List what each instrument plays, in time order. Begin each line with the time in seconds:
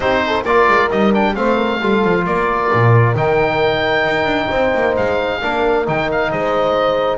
0.00 double bass C4, trombone D#4, horn G4, oboe C5
0.27 horn A4
0.43 double bass A#3, trombone F4, horn A#4, oboe D5
0.68 double bass G#3
0.90 double bass G3, trombone D#4, oboe D#5
1.13 trombone D4, oboe G5
1.35 double bass A3, trombone C4, horn C5, oboe F5
1.56 horn A#4
1.80 double bass G3, trombone F4, horn A4
2.04 double bass F3
2.26 double bass A#3, horn A#4, oboe D5
2.72 double bass A#2
3.15 double bass D#3, trombone D#4, oboe G5
4.05 double bass D#4
4.24 double bass D4
4.48 double bass C4, horn C5
4.74 double bass A#3
4.96 double bass G#3, oboe F5
5.40 double bass A#3, trombone D4, horn A#4
5.85 double bass D#3, trombone D#4, oboe G5
6.11 oboe F5
6.31 double bass G#3, horn C5, oboe D#5